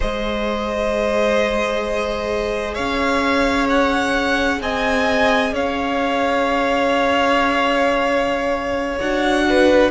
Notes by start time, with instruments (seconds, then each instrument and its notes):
0.00 cello G#3, viola G#4, violin C5 D#5
2.74 cello C#4, violin C#5 F5
3.69 violin F#5
4.61 cello C4, violin D#5 G#5
5.52 cello C#4, violin C#5 F5
8.98 cello D4, viola F#4, violin F#5
9.49 violin B4